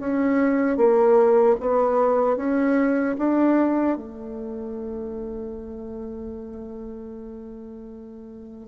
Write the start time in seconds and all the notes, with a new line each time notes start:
0.00 C#4
0.77 A#3
1.60 B3
2.37 C#4
3.18 D4
3.97 A3